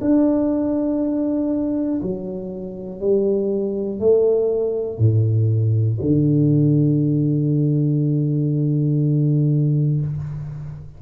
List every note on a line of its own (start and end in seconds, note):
0.00 2.00 D4
2.01 3.00 F#3
3.00 3.99 G3
3.99 4.98 A3
4.98 5.98 A2
6.00 10.00 D3